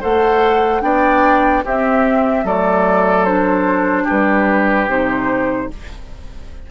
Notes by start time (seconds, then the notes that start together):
0.00 A3 A4 C5 F#5
0.82 B3 D4 D5 G5
1.64 C4 G4 E5
2.44 F#3 A3 A4 D5
3.25 D4 C5
4.03 G4 B4
4.10 G3
4.87 C3 D#4 C5